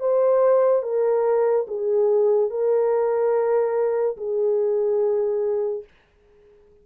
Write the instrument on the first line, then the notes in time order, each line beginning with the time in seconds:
horn
0.00 C5
0.83 A#4
1.68 G#4
2.50 A#4
4.17 G#4